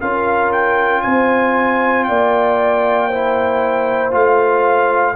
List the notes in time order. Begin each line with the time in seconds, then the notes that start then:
0.00 C#4 F4 A#4 F5
0.52 G5
1.02 C4 C5 G#5
2.04 A#3 D5 G5
3.08 E4 C5
4.11 A3 F4 F5